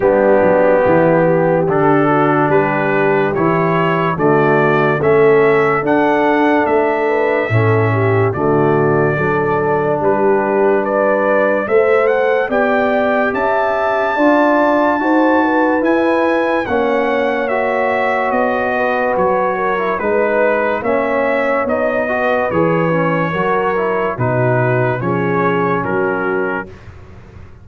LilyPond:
<<
  \new Staff \with { instrumentName = "trumpet" } { \time 4/4 \tempo 4 = 72 g'2 a'4 b'4 | cis''4 d''4 e''4 fis''4 | e''2 d''2 | b'4 d''4 e''8 fis''8 g''4 |
a''2. gis''4 | fis''4 e''4 dis''4 cis''4 | b'4 e''4 dis''4 cis''4~ | cis''4 b'4 cis''4 ais'4 | }
  \new Staff \with { instrumentName = "horn" } { \time 4/4 d'4 e'8 g'4 fis'8 g'4~ | g'4 fis'4 a'2~ | a'8 b'8 a'8 g'8 fis'4 a'4 | g'4 b'4 c''4 d''4 |
e''4 d''4 c''8 b'4. | cis''2~ cis''8 b'4 ais'8 | b'4 cis''4. b'4. | ais'4 fis'4 gis'4 fis'4 | }
  \new Staff \with { instrumentName = "trombone" } { \time 4/4 b2 d'2 | e'4 a4 cis'4 d'4~ | d'4 cis'4 a4 d'4~ | d'2 a'4 g'4~ |
g'4 f'4 fis'4 e'4 | cis'4 fis'2~ fis'8. e'16 | dis'4 cis'4 dis'8 fis'8 gis'8 cis'8 | fis'8 e'8 dis'4 cis'2 | }
  \new Staff \with { instrumentName = "tuba" } { \time 4/4 g8 fis8 e4 d4 g4 | e4 d4 a4 d'4 | a4 a,4 d4 fis4 | g2 a4 b4 |
cis'4 d'4 dis'4 e'4 | ais2 b4 fis4 | gis4 ais4 b4 e4 | fis4 b,4 f4 fis4 | }
>>